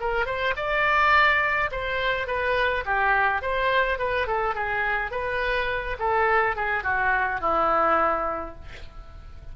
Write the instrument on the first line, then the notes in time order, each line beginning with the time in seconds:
oboe
0.00 A#4
0.25 C5
0.56 D5
1.71 C5
2.27 B4
2.85 G4
3.42 C5
3.98 B4
4.27 A4
4.54 G#4
5.11 B4
5.99 A4
6.56 G#4
6.83 F#4
7.41 E4